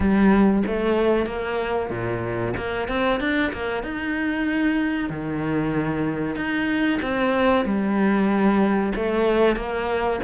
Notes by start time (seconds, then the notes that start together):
0.00 G3
0.66 A3
1.26 A#3
1.90 A#2
2.56 A#3
2.88 C4
3.19 D4
3.53 A#3
3.83 D#4
5.09 D#3
6.35 D#4
7.02 C4
7.65 G3
8.95 A3
9.56 A#3